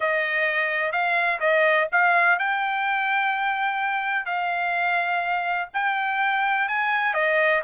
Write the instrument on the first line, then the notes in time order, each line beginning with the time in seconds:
trumpet
0.00 D#5
0.92 F5
1.40 D#5
1.92 F5
2.38 G5
4.25 F5
5.73 G5
6.68 G#5
7.13 D#5